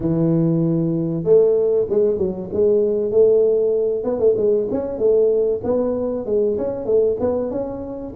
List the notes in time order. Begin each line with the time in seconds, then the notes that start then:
0.00 E3
1.23 A3
1.89 G#3
2.18 F#3
2.52 G#3
3.11 A3
4.04 B3
4.19 A3
4.36 G#3
4.71 C#4
4.98 A3
5.63 B3
6.25 G#3
6.57 C#4
6.85 A3
7.19 B3
7.51 C#4